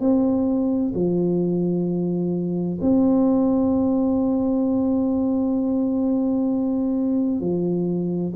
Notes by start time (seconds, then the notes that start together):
0.00 C4
0.94 F3
2.81 C4
7.40 F3